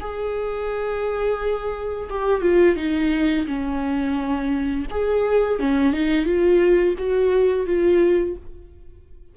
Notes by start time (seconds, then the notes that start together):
0.00 G#4
2.09 G4
2.41 F4
2.76 D#4
3.46 C#4
4.90 G#4
5.59 C#4
5.93 D#4
6.25 F4
6.98 F#4
7.66 F4